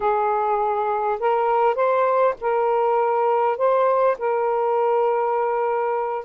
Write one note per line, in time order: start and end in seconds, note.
0.00 1.19 G#4
1.19 1.75 A#4
1.75 2.34 C5
2.40 3.57 A#4
3.57 4.16 C5
4.18 6.25 A#4